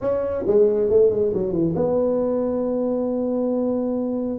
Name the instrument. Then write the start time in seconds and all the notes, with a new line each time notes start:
tuba
0.01 C#4
0.46 G#3
0.90 A3
1.10 G#3
1.33 F#3
1.52 E3
1.75 B3